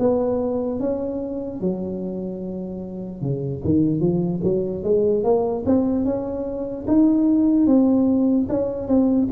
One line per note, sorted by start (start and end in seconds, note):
0.00 0.80 B3
0.80 1.61 C#4
1.61 3.22 F#3
3.22 3.62 C#3
3.65 4.01 D#3
4.01 4.41 F3
4.44 4.84 F#3
4.84 5.24 G#3
5.24 5.65 A#3
5.66 6.05 C4
6.05 6.86 C#4
6.88 7.67 D#4
7.67 8.48 C4
8.50 8.88 C#4
8.88 9.29 C4